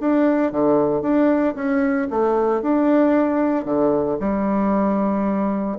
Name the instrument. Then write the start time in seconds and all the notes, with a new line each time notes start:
bassoon
0.00 D4
0.52 D3
1.02 D4
1.55 C#4
2.10 A3
2.62 D4
3.65 D3
4.20 G3